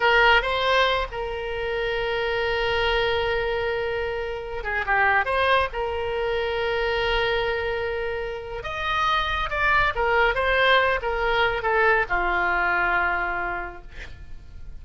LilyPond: \new Staff \with { instrumentName = "oboe" } { \time 4/4 \tempo 4 = 139 ais'4 c''4. ais'4.~ | ais'1~ | ais'2~ ais'8. gis'8 g'8.~ | g'16 c''4 ais'2~ ais'8.~ |
ais'1 | dis''2 d''4 ais'4 | c''4. ais'4. a'4 | f'1 | }